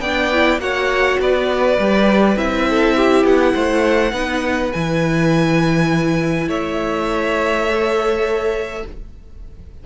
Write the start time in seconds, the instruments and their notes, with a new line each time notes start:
0.00 cello B3, viola D4, violin D5 G5
0.33 viola E4
0.58 cello A#3, viola F#4, violin C#5 F#5
1.19 cello B3, violin B4 D5
1.78 cello G3, viola G4
2.36 cello C4, viola E4, violin E5
2.69 violin A4
2.96 violin G4
3.24 cello B3, violin F#5
3.54 cello A3, violin C5
4.12 cello B3, viola D#4, violin B4
4.72 cello E3, viola E4, violin G#5
6.47 cello A3, violin C#5 E5
7.68 viola A4